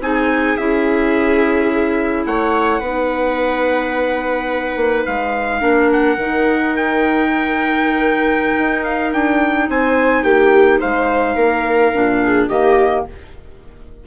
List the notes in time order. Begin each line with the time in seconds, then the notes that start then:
0.00 C4 D#4 G#4 G#5
0.57 C#4 E4 E5
2.26 A3 C#5 F#5
2.79 B3 D#4 B4
4.76 A#3
5.06 G#3 F5
5.61 A#3 D4 A#4
5.93 F#5
6.17 D#3 D#4
6.76 G5
8.59 D#4
8.84 F5
9.13 D4 G5
9.69 C4 C5 G#5
10.24 A#3 G4 G5
10.79 G#3 C5 F5
11.35 A#3 A#4
11.95 A#2 D4
12.23 G#4
12.48 D#3 A#3 G4 D#5